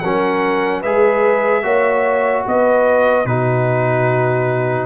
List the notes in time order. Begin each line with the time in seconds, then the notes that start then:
0.00 F#3 C#4 A#4 F#5
0.80 G#3 G#4 B4 E5
1.63 A#3 F#4 C#5
2.47 B3 B4 D#5
3.25 B2 D#4 F#4 B4